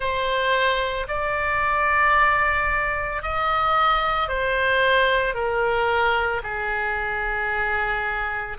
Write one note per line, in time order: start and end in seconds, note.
0.00 1.07 C5
1.08 3.22 D5
3.22 4.28 D#5
4.28 5.34 C5
5.34 6.41 A#4
6.43 8.57 G#4